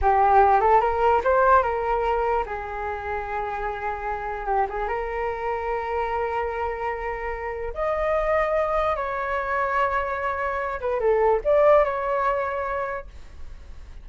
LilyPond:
\new Staff \with { instrumentName = "flute" } { \time 4/4 \tempo 4 = 147 g'4. a'8 ais'4 c''4 | ais'2 gis'2~ | gis'2. g'8 gis'8 | ais'1~ |
ais'2. dis''4~ | dis''2 cis''2~ | cis''2~ cis''8 b'8 a'4 | d''4 cis''2. | }